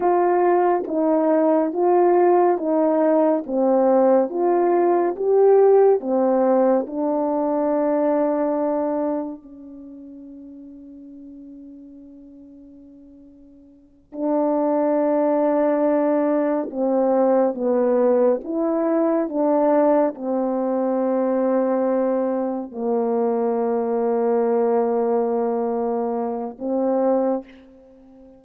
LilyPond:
\new Staff \with { instrumentName = "horn" } { \time 4/4 \tempo 4 = 70 f'4 dis'4 f'4 dis'4 | c'4 f'4 g'4 c'4 | d'2. cis'4~ | cis'1~ |
cis'8 d'2. c'8~ | c'8 b4 e'4 d'4 c'8~ | c'2~ c'8 ais4.~ | ais2. c'4 | }